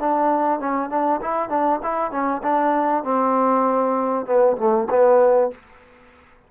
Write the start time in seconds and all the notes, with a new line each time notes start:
0.00 D4
0.60 C#4
0.90 D4
1.22 E4
1.50 D4
1.83 E4
2.12 C#4
2.43 D4
3.04 C4
4.26 B3
4.58 A3
4.90 B3